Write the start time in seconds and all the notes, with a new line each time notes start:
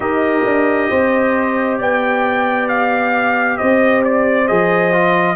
0.00 D#4 G4 A#4 D#5
0.45 D4
0.90 C4 C5
1.78 B3 D5 G5
2.68 F5
3.57 C4 C5 D#5
4.04 D5
4.47 F3 G#4 D#5
4.92 F4